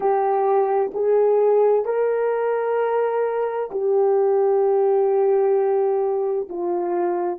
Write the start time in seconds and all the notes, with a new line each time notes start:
0.00 G4
0.94 G#4
1.85 A#4
3.71 G4
6.49 F4